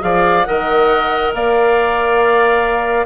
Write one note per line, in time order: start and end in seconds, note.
0.00 0.47 F3
0.00 0.43 G#4
0.00 0.48 D5
0.00 0.44 F5
0.44 1.34 D#3
0.44 3.06 A#4
0.44 1.35 D#5
0.44 1.31 F#5
1.34 3.06 A#3
1.34 3.06 D5
1.34 3.06 F5